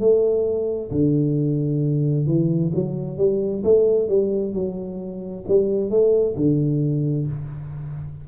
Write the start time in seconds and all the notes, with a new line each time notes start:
0.00 A3
0.91 D3
2.27 E3
2.75 F#3
3.18 G3
3.64 A3
4.09 G3
4.54 F#3
5.48 G3
5.90 A3
6.36 D3